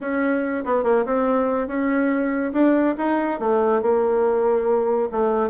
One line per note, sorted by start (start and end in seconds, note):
0.01 0.64 C#4
0.65 0.83 B3
0.83 1.04 A#3
1.05 1.67 C4
1.67 2.52 C#4
2.52 2.95 D4
2.97 3.39 D#4
3.39 3.81 A3
3.82 5.09 A#3
5.11 5.49 A3